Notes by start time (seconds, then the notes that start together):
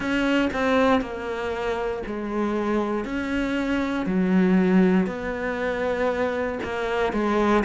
0.00 C#4
0.53 C4
1.01 A#3
2.06 G#3
3.05 C#4
4.06 F#3
5.06 B3
6.63 A#3
7.12 G#3